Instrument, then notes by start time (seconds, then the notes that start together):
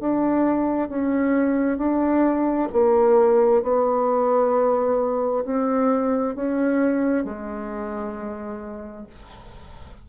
bassoon
0.00 D4
0.89 C#4
1.78 D4
2.72 A#3
3.62 B3
5.45 C4
6.35 C#4
7.24 G#3